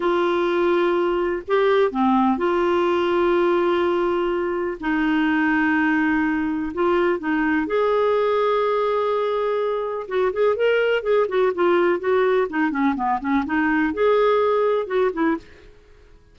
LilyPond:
\new Staff \with { instrumentName = "clarinet" } { \time 4/4 \tempo 4 = 125 f'2. g'4 | c'4 f'2.~ | f'2 dis'2~ | dis'2 f'4 dis'4 |
gis'1~ | gis'4 fis'8 gis'8 ais'4 gis'8 fis'8 | f'4 fis'4 dis'8 cis'8 b8 cis'8 | dis'4 gis'2 fis'8 e'8 | }